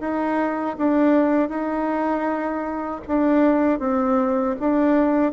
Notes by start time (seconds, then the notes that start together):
0.00 D#4
0.78 D4
1.49 D#4
3.07 D4
3.79 C4
4.59 D4